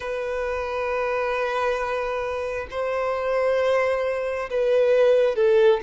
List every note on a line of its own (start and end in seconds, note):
0.00 2.67 B4
2.70 4.49 C5
4.50 5.35 B4
5.35 5.80 A4